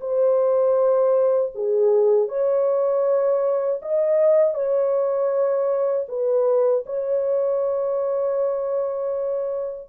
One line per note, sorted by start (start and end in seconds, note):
0.00 1.52 C5
1.55 2.29 G#4
2.29 3.80 C#5
3.82 4.54 D#5
4.54 6.06 C#5
6.09 6.85 B4
6.86 9.88 C#5